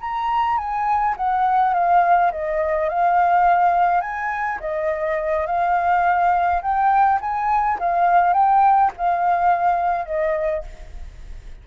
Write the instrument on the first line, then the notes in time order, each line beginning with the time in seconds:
flute
0.00 A#5
0.57 G#5
1.16 F#5
1.73 F5
2.31 D#5
2.89 F5
4.01 G#5
4.60 D#5
5.46 F5
6.62 G5
7.20 G#5
7.79 F5
8.33 G5
8.97 F5
10.05 D#5